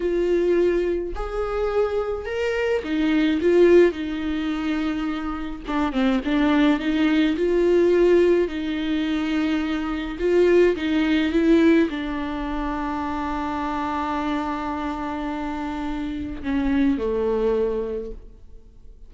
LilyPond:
\new Staff \with { instrumentName = "viola" } { \time 4/4 \tempo 4 = 106 f'2 gis'2 | ais'4 dis'4 f'4 dis'4~ | dis'2 d'8 c'8 d'4 | dis'4 f'2 dis'4~ |
dis'2 f'4 dis'4 | e'4 d'2.~ | d'1~ | d'4 cis'4 a2 | }